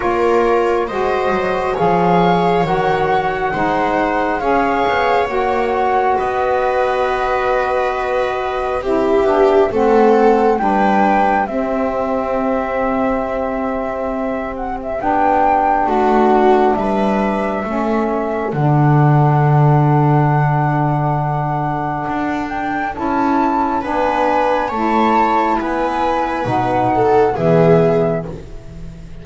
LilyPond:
<<
  \new Staff \with { instrumentName = "flute" } { \time 4/4 \tempo 4 = 68 cis''4 dis''4 f''4 fis''4~ | fis''4 f''4 fis''4 dis''4~ | dis''2 e''4 fis''4 | g''4 e''2.~ |
e''8 fis''16 e''16 g''4 fis''4 e''4~ | e''4 fis''2.~ | fis''4. g''8 a''4 gis''4 | a''4 gis''4 fis''4 e''4 | }
  \new Staff \with { instrumentName = "viola" } { \time 4/4 ais'4 c''4 cis''2 | c''4 cis''2 b'4~ | b'2 g'4 a'4 | b'4 g'2.~ |
g'2 fis'4 b'4 | a'1~ | a'2. b'4 | cis''4 b'4. a'8 gis'4 | }
  \new Staff \with { instrumentName = "saxophone" } { \time 4/4 f'4 fis'4 gis'4 fis'4 | dis'4 gis'4 fis'2~ | fis'2 e'8 d'8 c'4 | d'4 c'2.~ |
c'4 d'2. | cis'4 d'2.~ | d'2 e'4 d'4 | e'2 dis'4 b4 | }
  \new Staff \with { instrumentName = "double bass" } { \time 4/4 ais4 gis8 fis8 f4 dis4 | gis4 cis'8 b8 ais4 b4~ | b2 c'8 b8 a4 | g4 c'2.~ |
c'4 b4 a4 g4 | a4 d2.~ | d4 d'4 cis'4 b4 | a4 b4 b,4 e4 | }
>>